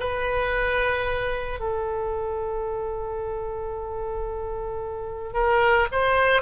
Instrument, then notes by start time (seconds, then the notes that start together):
oboe
0.00 B4
1.60 A4
5.34 A#4
5.92 C5